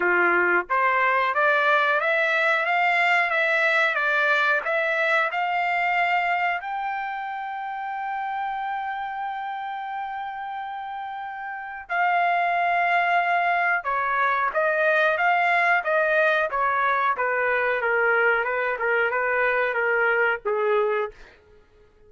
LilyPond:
\new Staff \with { instrumentName = "trumpet" } { \time 4/4 \tempo 4 = 91 f'4 c''4 d''4 e''4 | f''4 e''4 d''4 e''4 | f''2 g''2~ | g''1~ |
g''2 f''2~ | f''4 cis''4 dis''4 f''4 | dis''4 cis''4 b'4 ais'4 | b'8 ais'8 b'4 ais'4 gis'4 | }